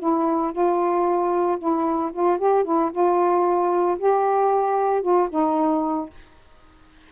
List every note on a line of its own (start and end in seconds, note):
0.00 0.52 E4
0.52 1.59 F4
1.59 2.12 E4
2.13 2.38 F4
2.38 2.65 G4
2.65 2.91 E4
2.92 3.98 F4
3.98 5.02 G4
5.02 5.29 F4
5.30 6.10 D#4